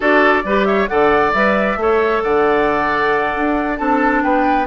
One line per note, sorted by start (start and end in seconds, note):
0.00 0.44 D4
0.00 0.43 F#4
0.00 0.43 A4
0.00 0.64 D5
0.44 0.88 G3
0.44 0.88 G4
0.44 0.67 B4
0.64 0.89 C#5
0.64 0.87 E5
0.87 1.33 D3
0.87 1.32 A4
0.87 1.79 D5
0.87 1.32 F#5
1.32 1.76 G3
1.32 1.78 B4
1.32 2.21 E5
1.76 2.21 A3
1.76 3.77 A4
1.76 2.23 C#5
2.22 3.35 D3
2.22 3.79 D5
2.22 3.77 F#5
3.35 3.79 D4
3.77 4.23 C4
3.77 4.66 D4
3.77 4.23 A4
3.77 4.21 A5
4.22 4.66 B3
4.22 4.66 B4
4.22 4.66 G5